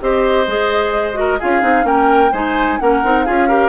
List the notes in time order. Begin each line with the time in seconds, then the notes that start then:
0.00 C4 G4 C5 D#5
0.47 G#3 G#4
1.13 F#4 A#4
1.39 C#4 F4 G#4 F5
1.61 C4 D#4
1.82 A#3 C#4 A#4 G5
2.32 G#3 D#4 C5 G#5
2.79 A#3 C#4 A#4 F#5
3.03 C4 D#4
3.23 C#4 F4 G#4 F5
3.48 G4 A#4